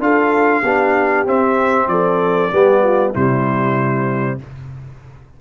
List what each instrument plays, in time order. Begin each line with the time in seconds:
0.00 tuba D4, trombone F4, horn A4, trumpet F5
0.62 tuba B3, trombone D4, horn G4
1.27 tuba C4, trombone C4, trumpet E5
1.88 tuba F3, horn A4, trumpet D5
2.52 tuba G3, trombone B3, horn G4
2.83 horn F4
3.12 tuba C3, trombone G3, horn E4, trumpet C5